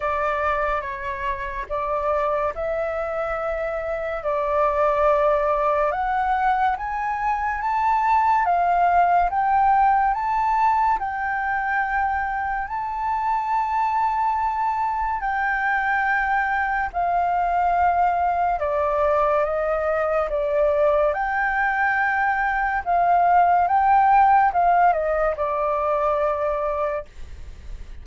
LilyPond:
\new Staff \with { instrumentName = "flute" } { \time 4/4 \tempo 4 = 71 d''4 cis''4 d''4 e''4~ | e''4 d''2 fis''4 | gis''4 a''4 f''4 g''4 | a''4 g''2 a''4~ |
a''2 g''2 | f''2 d''4 dis''4 | d''4 g''2 f''4 | g''4 f''8 dis''8 d''2 | }